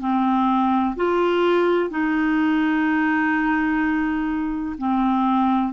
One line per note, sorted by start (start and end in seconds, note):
0.00 0.95 C4
0.96 1.90 F4
1.90 4.76 D#4
4.77 5.73 C4